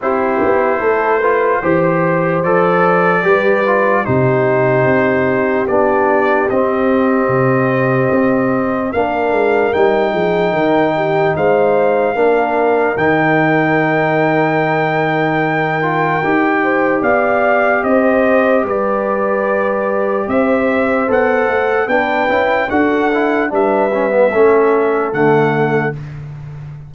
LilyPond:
<<
  \new Staff \with { instrumentName = "trumpet" } { \time 4/4 \tempo 4 = 74 c''2. d''4~ | d''4 c''2 d''4 | dis''2. f''4 | g''2 f''2 |
g''1~ | g''4 f''4 dis''4 d''4~ | d''4 e''4 fis''4 g''4 | fis''4 e''2 fis''4 | }
  \new Staff \with { instrumentName = "horn" } { \time 4/4 g'4 a'8 b'8 c''2 | b'4 g'2.~ | g'2. ais'4~ | ais'8 gis'8 ais'8 g'8 c''4 ais'4~ |
ais'1~ | ais'8 c''8 d''4 c''4 b'4~ | b'4 c''2 b'4 | a'4 b'4 a'2 | }
  \new Staff \with { instrumentName = "trombone" } { \time 4/4 e'4. f'8 g'4 a'4 | g'8 f'8 dis'2 d'4 | c'2. d'4 | dis'2. d'4 |
dis'2.~ dis'8 f'8 | g'1~ | g'2 a'4 d'8 e'8 | fis'8 e'8 d'8 cis'16 b16 cis'4 a4 | }
  \new Staff \with { instrumentName = "tuba" } { \time 4/4 c'8 b8 a4 e4 f4 | g4 c4 c'4 b4 | c'4 c4 c'4 ais8 gis8 | g8 f8 dis4 gis4 ais4 |
dis1 | dis'4 b4 c'4 g4~ | g4 c'4 b8 a8 b8 cis'8 | d'4 g4 a4 d4 | }
>>